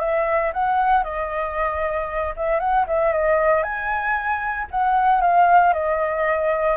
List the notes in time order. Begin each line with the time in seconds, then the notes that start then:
0.00 E5
0.54 F#5
1.04 D#5
2.36 E5
2.60 F#5
2.87 E5
3.13 D#5
3.63 G#5
4.71 F#5
5.22 F5
5.73 D#5